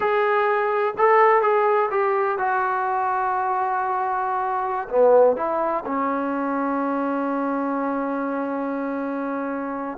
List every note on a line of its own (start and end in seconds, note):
0.00 0.94 G#4
0.97 1.42 A4
1.42 1.89 G#4
1.90 2.38 G4
2.38 4.88 F#4
4.89 5.36 B3
5.36 5.84 E4
5.85 9.98 C#4